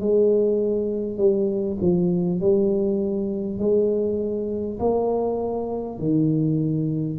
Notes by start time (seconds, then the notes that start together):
0.00 G#3
1.17 G3
1.81 F3
2.40 G3
3.58 G#3
4.79 A#3
5.98 D#3